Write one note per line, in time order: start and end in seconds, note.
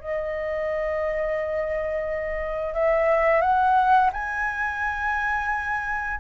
0.00 2.74 D#5
2.74 3.41 E5
3.41 4.10 F#5
4.13 6.20 G#5